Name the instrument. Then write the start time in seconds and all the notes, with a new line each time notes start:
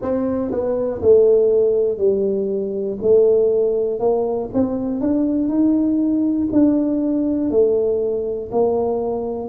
tuba
0.01 C4
0.50 B3
1.01 A3
1.98 G3
3.01 A3
4.00 A#3
4.53 C4
5.00 D4
5.48 D#4
6.51 D4
7.50 A3
8.51 A#3